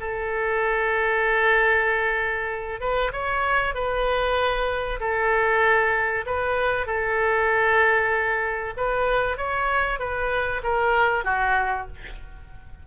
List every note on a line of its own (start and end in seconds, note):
0.00 2.80 A4
2.80 3.12 B4
3.12 3.75 C#5
3.75 5.00 B4
5.00 6.25 A4
6.26 6.87 B4
6.87 8.74 A4
8.77 9.38 B4
9.38 9.99 C#5
9.99 10.62 B4
10.63 11.25 A#4
11.25 11.87 F#4